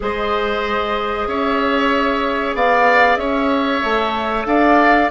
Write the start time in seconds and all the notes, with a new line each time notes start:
0.00 G#3 G#4 C5 D#5
1.27 C#4 C#5 E5
2.55 B3 D5 F5
3.16 C#4 C#5 E5
3.83 A3 A4
4.45 D4 D5 F5